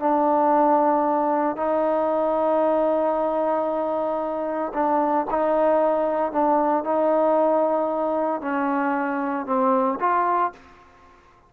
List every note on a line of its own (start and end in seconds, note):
0.00 1.57 D4
1.57 4.72 D#4
4.74 5.27 D4
5.31 6.32 D#4
6.32 6.84 D4
6.84 8.41 D#4
8.41 9.46 C#4
9.46 9.99 C4
10.00 10.53 F4